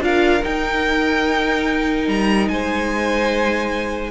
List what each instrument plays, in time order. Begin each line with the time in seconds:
0.00 cello D4, viola F4, violin A#4 F5
0.42 viola D#4, cello D#4, violin G5
2.08 cello G3, violin A#5
2.49 cello G#3, violin C5 G#5